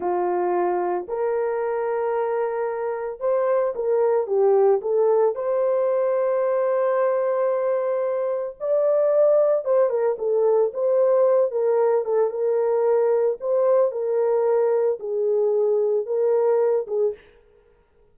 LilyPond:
\new Staff \with { instrumentName = "horn" } { \time 4/4 \tempo 4 = 112 f'2 ais'2~ | ais'2 c''4 ais'4 | g'4 a'4 c''2~ | c''1 |
d''2 c''8 ais'8 a'4 | c''4. ais'4 a'8 ais'4~ | ais'4 c''4 ais'2 | gis'2 ais'4. gis'8 | }